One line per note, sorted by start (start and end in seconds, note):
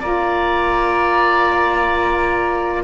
0.00 2.84 A#3
0.00 2.84 F4
0.00 2.83 D5
0.00 2.84 A#5